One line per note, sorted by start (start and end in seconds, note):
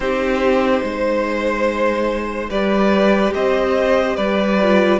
0.00 0.81 C4
0.00 2.49 D#4
0.00 0.84 G4
0.00 2.49 C5
0.83 2.49 G#3
0.83 2.49 C5
2.49 3.34 G3
2.49 4.58 G4
2.49 3.33 B4
2.49 3.33 D5
3.34 4.17 C4
3.34 4.16 C5
3.34 4.16 D#5
4.16 4.99 G3
4.16 4.99 B4
4.16 4.99 D5
4.61 4.99 F4